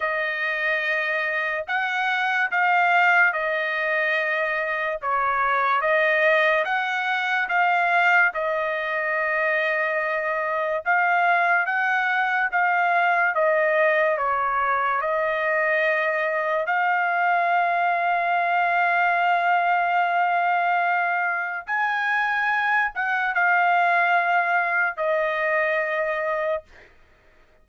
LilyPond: \new Staff \with { instrumentName = "trumpet" } { \time 4/4 \tempo 4 = 72 dis''2 fis''4 f''4 | dis''2 cis''4 dis''4 | fis''4 f''4 dis''2~ | dis''4 f''4 fis''4 f''4 |
dis''4 cis''4 dis''2 | f''1~ | f''2 gis''4. fis''8 | f''2 dis''2 | }